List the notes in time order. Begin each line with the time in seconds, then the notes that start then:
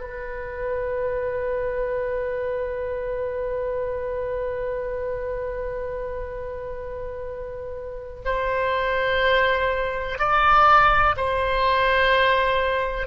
0.00 B4
8.25 C5
10.18 D5
11.16 C5